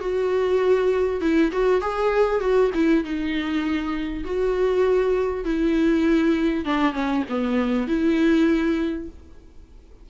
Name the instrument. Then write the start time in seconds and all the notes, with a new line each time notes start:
viola
0.00 F#4
1.21 E4
1.52 F#4
1.81 G#4
2.40 F#4
2.74 E4
3.04 D#4
4.24 F#4
5.45 E4
6.64 D4
6.93 C#4
7.29 B3
7.87 E4